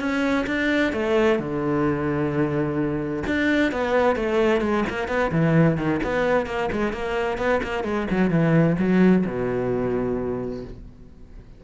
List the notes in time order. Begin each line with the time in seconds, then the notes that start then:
0.00 C#4
0.47 D4
0.93 A3
1.39 D3
3.27 D4
3.72 B3
4.16 A3
4.62 G#3
4.90 A#3
5.08 B3
5.32 E3
5.78 D#3
6.04 B3
6.47 A#3
6.72 G#3
6.93 A#3
7.38 B3
7.63 A#3
7.84 G#3
8.11 F#3
8.31 E3
8.79 F#3
9.26 B2